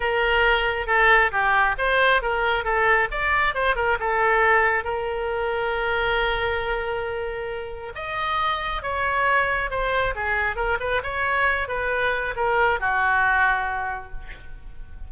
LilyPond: \new Staff \with { instrumentName = "oboe" } { \time 4/4 \tempo 4 = 136 ais'2 a'4 g'4 | c''4 ais'4 a'4 d''4 | c''8 ais'8 a'2 ais'4~ | ais'1~ |
ais'2 dis''2 | cis''2 c''4 gis'4 | ais'8 b'8 cis''4. b'4. | ais'4 fis'2. | }